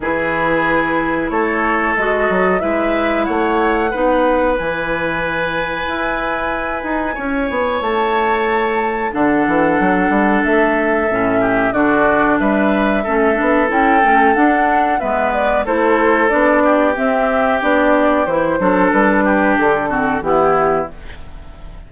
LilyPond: <<
  \new Staff \with { instrumentName = "flute" } { \time 4/4 \tempo 4 = 92 b'2 cis''4 dis''4 | e''4 fis''2 gis''4~ | gis''1 | a''2 fis''2 |
e''2 d''4 e''4~ | e''4 g''4 fis''4 e''8 d''8 | c''4 d''4 e''4 d''4 | c''4 b'4 a'4 g'4 | }
  \new Staff \with { instrumentName = "oboe" } { \time 4/4 gis'2 a'2 | b'4 cis''4 b'2~ | b'2. cis''4~ | cis''2 a'2~ |
a'4. g'8 fis'4 b'4 | a'2. b'4 | a'4. g'2~ g'8~ | g'8 a'4 g'4 fis'8 e'4 | }
  \new Staff \with { instrumentName = "clarinet" } { \time 4/4 e'2. fis'4 | e'2 dis'4 e'4~ | e'1~ | e'2 d'2~ |
d'4 cis'4 d'2 | cis'8 d'8 e'8 cis'8 d'4 b4 | e'4 d'4 c'4 d'4 | e'8 d'2 c'8 b4 | }
  \new Staff \with { instrumentName = "bassoon" } { \time 4/4 e2 a4 gis8 fis8 | gis4 a4 b4 e4~ | e4 e'4. dis'8 cis'8 b8 | a2 d8 e8 fis8 g8 |
a4 a,4 d4 g4 | a8 b8 cis'8 a8 d'4 gis4 | a4 b4 c'4 b4 | e8 fis8 g4 d4 e4 | }
>>